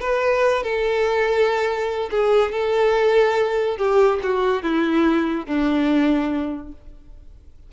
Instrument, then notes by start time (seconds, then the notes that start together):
violin
0.00 B4
0.63 A4
2.10 G#4
2.52 A4
3.77 G4
4.22 F#4
4.62 E4
5.46 D4